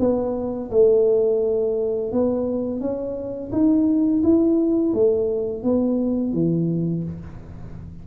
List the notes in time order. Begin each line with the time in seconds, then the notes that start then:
0.00 B3
0.71 A3
2.12 B3
2.80 C#4
3.52 D#4
4.24 E4
4.94 A3
5.64 B3
6.33 E3